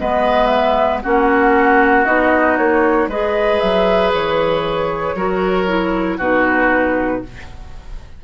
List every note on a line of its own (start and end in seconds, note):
0.00 1.04 G#3
0.00 1.03 B3
0.00 1.03 B4
0.00 0.47 D#5
0.47 0.99 E5
1.03 2.07 A#3
1.03 2.06 C#4
1.03 3.09 F#4
1.03 2.06 F#5
2.06 2.59 B3
2.06 3.10 D#4
2.06 2.57 D#5
2.58 3.08 A#3
2.58 3.09 C#5
3.08 3.59 G#3
3.08 5.17 G#4
3.08 5.16 B4
3.08 3.60 D#5
3.60 4.14 F#3
3.60 4.12 E5
4.14 5.15 E3
4.14 6.20 C#5
5.15 6.19 F#3
5.15 5.68 F#4
5.15 6.18 A#4
5.68 6.20 E4
6.18 7.22 B2
6.18 7.24 D#4
6.18 7.22 F#4
6.18 7.24 B4